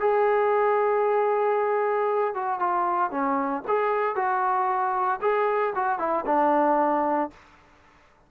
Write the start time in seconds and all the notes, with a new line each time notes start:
0.00 G#4
2.35 F#4
2.60 F4
3.11 C#4
3.68 G#4
4.16 F#4
5.22 G#4
5.76 F#4
5.99 E4
6.26 D4